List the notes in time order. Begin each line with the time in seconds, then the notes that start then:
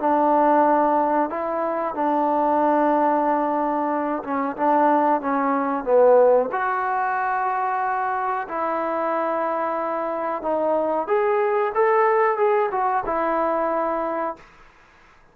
0.00 D4
1.30 E4
1.95 D4
4.24 C#4
4.57 D4
5.21 C#4
5.85 B3
6.52 F#4
8.48 E4
10.43 D#4
11.08 G#4
11.75 A4
12.37 G#4
12.71 F#4
13.06 E4